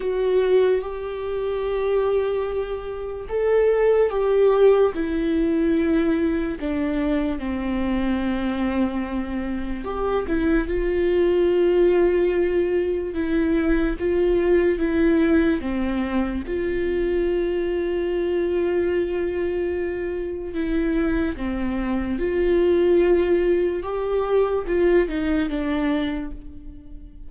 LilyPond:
\new Staff \with { instrumentName = "viola" } { \time 4/4 \tempo 4 = 73 fis'4 g'2. | a'4 g'4 e'2 | d'4 c'2. | g'8 e'8 f'2. |
e'4 f'4 e'4 c'4 | f'1~ | f'4 e'4 c'4 f'4~ | f'4 g'4 f'8 dis'8 d'4 | }